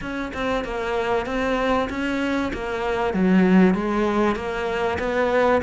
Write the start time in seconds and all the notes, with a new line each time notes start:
0.01 C#4
0.33 C4
0.64 A#3
1.26 C4
1.89 C#4
2.53 A#3
3.13 F#3
3.74 G#3
4.35 A#3
4.98 B3